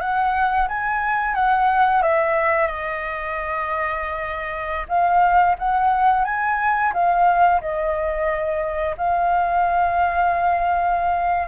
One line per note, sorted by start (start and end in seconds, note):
0.00 0.67 F#5
0.68 1.34 G#5
1.34 2.02 F#5
2.02 2.67 E5
2.67 4.86 D#5
4.88 5.56 F5
5.58 6.25 F#5
6.25 6.92 G#5
6.93 7.60 F5
7.61 8.95 D#5
8.97 11.47 F5